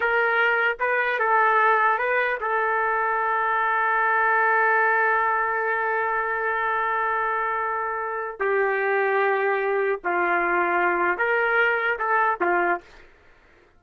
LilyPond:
\new Staff \with { instrumentName = "trumpet" } { \time 4/4 \tempo 4 = 150 ais'2 b'4 a'4~ | a'4 b'4 a'2~ | a'1~ | a'1~ |
a'1~ | a'4 g'2.~ | g'4 f'2. | ais'2 a'4 f'4 | }